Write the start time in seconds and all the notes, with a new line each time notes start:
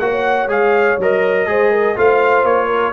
0.00 A#3 F#4 C#5 F#5
0.48 G#3 G#4 F5
0.99 F#3 A#4 D#5
1.47 G#3 G#4 C5
1.71 A#4
1.96 A3 F4 C5 F5
2.44 A#3 C#5
2.67 A#4